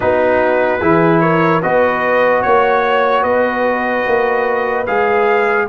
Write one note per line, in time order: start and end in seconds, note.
0.00 0.81 B3
0.00 0.80 D#4
0.00 0.81 F#4
0.00 1.20 B4
0.81 1.62 E3
0.81 1.62 E4
0.81 1.21 G#4
1.20 1.62 A#4
1.20 1.60 C#5
1.62 2.44 B3
1.62 4.86 F#4
1.62 2.42 B4
1.62 2.42 D#5
2.42 3.23 A#3
2.42 3.22 C#5
2.42 3.23 C#5
3.22 4.04 B3
3.22 5.65 B4
3.22 4.85 D#5
4.06 4.87 A#3
4.86 5.68 G#3
4.86 5.67 G#4
4.86 5.67 F5